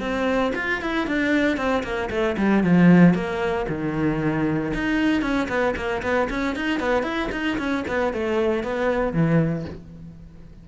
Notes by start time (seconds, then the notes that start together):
0.00 C4
0.55 F4
0.81 E4
1.07 D4
1.57 C4
1.83 A#3
2.10 A3
2.37 G3
2.63 F3
3.14 A#3
3.68 D#3
4.74 D#4
5.22 C#4
5.49 B3
5.76 A#3
6.03 B3
6.30 C#4
6.56 D#4
6.80 B3
7.03 E4
7.32 D#4
7.58 C#4
7.88 B3
8.13 A3
8.63 B3
9.13 E3